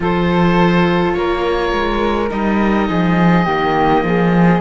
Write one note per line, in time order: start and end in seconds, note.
0.00 1.14 F3
0.00 2.28 F4
0.00 1.16 A4
0.00 1.13 C5
1.13 1.73 A#3
1.13 2.88 A#4
1.13 2.28 C#5
1.73 2.30 G#3
2.29 2.89 G3
2.29 3.45 D#4
2.29 4.60 D#5
2.88 3.46 F3
2.88 3.45 G#4
3.45 4.03 D#3
3.45 4.60 A#3
3.45 4.02 G4
4.03 4.60 F3
4.03 4.60 G#4